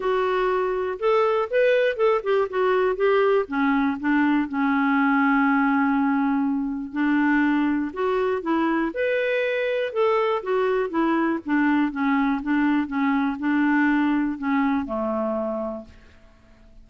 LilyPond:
\new Staff \with { instrumentName = "clarinet" } { \time 4/4 \tempo 4 = 121 fis'2 a'4 b'4 | a'8 g'8 fis'4 g'4 cis'4 | d'4 cis'2.~ | cis'2 d'2 |
fis'4 e'4 b'2 | a'4 fis'4 e'4 d'4 | cis'4 d'4 cis'4 d'4~ | d'4 cis'4 a2 | }